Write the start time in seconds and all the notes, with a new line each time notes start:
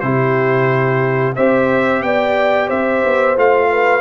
0.00 C3 E4 G4 C5
1.36 C4 G4 C5 E5
2.02 B3 D5 G5
2.67 C4 C5 E5
3.05 B3
3.36 A3 F4 F5
3.70 B4